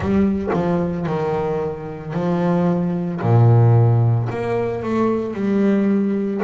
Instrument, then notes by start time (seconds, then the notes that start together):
double bass
0.00 G3
0.53 F3
1.06 D#3
2.13 F3
3.21 A#2
4.29 A#3
4.82 A3
5.34 G3